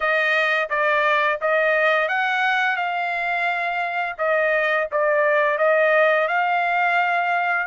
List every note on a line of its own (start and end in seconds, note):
0.00 0.69 D#5
0.69 1.39 D5
1.41 2.08 D#5
2.08 2.76 F#5
2.76 4.15 F5
4.17 4.87 D#5
4.91 5.58 D5
5.58 6.28 D#5
6.28 7.66 F5